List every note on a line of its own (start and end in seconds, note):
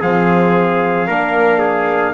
0.00 1.08 F3
0.00 1.08 C4
0.00 1.07 G#4
0.00 2.14 F5
1.07 2.14 A#3
1.07 2.14 D4
1.07 1.59 A#4
1.59 2.13 G#4